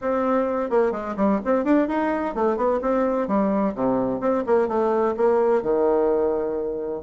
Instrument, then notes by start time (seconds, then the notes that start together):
bassoon
0.01 C4
0.70 A#3
0.91 G#3
1.16 G3
1.44 C4
1.64 D4
1.87 D#4
2.35 A3
2.56 B3
2.81 C4
3.27 G3
3.74 C3
4.20 C4
4.46 A#3
4.67 A3
5.16 A#3
5.62 D#3